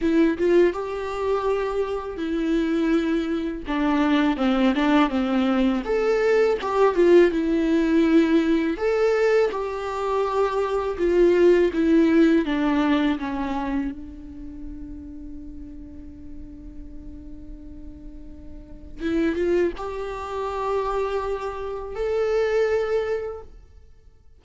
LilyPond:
\new Staff \with { instrumentName = "viola" } { \time 4/4 \tempo 4 = 82 e'8 f'8 g'2 e'4~ | e'4 d'4 c'8 d'8 c'4 | a'4 g'8 f'8 e'2 | a'4 g'2 f'4 |
e'4 d'4 cis'4 d'4~ | d'1~ | d'2 e'8 f'8 g'4~ | g'2 a'2 | }